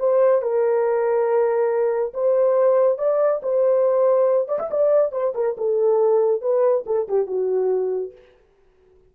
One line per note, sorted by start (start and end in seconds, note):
0.00 0.42 C5
0.42 2.14 A#4
2.14 2.98 C5
2.98 3.41 D5
3.43 4.48 C5
4.48 4.59 D5
4.60 4.70 E5
4.71 5.12 D5
5.12 5.34 C5
5.35 5.57 A#4
5.58 6.42 A4
6.42 6.85 B4
6.87 7.08 A4
7.09 7.27 G4
7.27 8.13 F#4